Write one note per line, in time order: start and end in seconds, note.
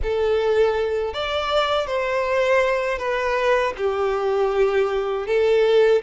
0.02 1.13 A4
1.13 1.86 D5
1.86 2.98 C5
2.98 3.73 B4
3.77 5.26 G4
5.26 6.01 A4